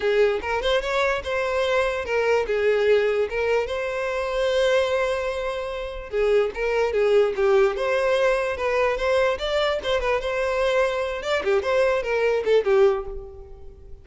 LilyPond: \new Staff \with { instrumentName = "violin" } { \time 4/4 \tempo 4 = 147 gis'4 ais'8 c''8 cis''4 c''4~ | c''4 ais'4 gis'2 | ais'4 c''2.~ | c''2. gis'4 |
ais'4 gis'4 g'4 c''4~ | c''4 b'4 c''4 d''4 | c''8 b'8 c''2~ c''8 d''8 | g'8 c''4 ais'4 a'8 g'4 | }